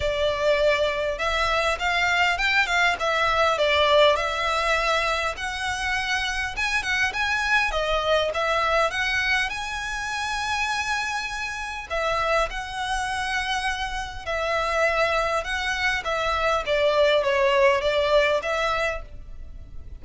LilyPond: \new Staff \with { instrumentName = "violin" } { \time 4/4 \tempo 4 = 101 d''2 e''4 f''4 | g''8 f''8 e''4 d''4 e''4~ | e''4 fis''2 gis''8 fis''8 | gis''4 dis''4 e''4 fis''4 |
gis''1 | e''4 fis''2. | e''2 fis''4 e''4 | d''4 cis''4 d''4 e''4 | }